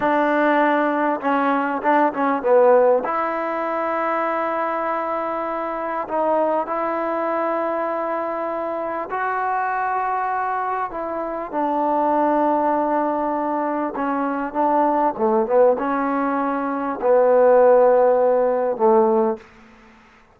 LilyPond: \new Staff \with { instrumentName = "trombone" } { \time 4/4 \tempo 4 = 99 d'2 cis'4 d'8 cis'8 | b4 e'2.~ | e'2 dis'4 e'4~ | e'2. fis'4~ |
fis'2 e'4 d'4~ | d'2. cis'4 | d'4 a8 b8 cis'2 | b2. a4 | }